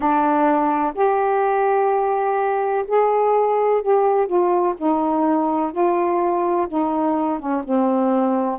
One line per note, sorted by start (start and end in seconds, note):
0.00 0.93 D4
0.94 2.85 G4
2.87 3.81 G#4
3.81 4.26 G4
4.26 4.74 F4
4.77 5.71 D#4
5.71 6.67 F4
6.68 7.39 D#4
7.39 7.62 C#4
7.64 8.59 C4